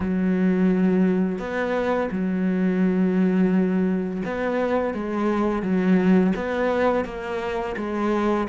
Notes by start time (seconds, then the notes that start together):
0.00 F#3
1.38 B3
2.11 F#3
4.24 B3
4.94 G#3
5.62 F#3
6.35 B3
7.05 A#3
7.76 G#3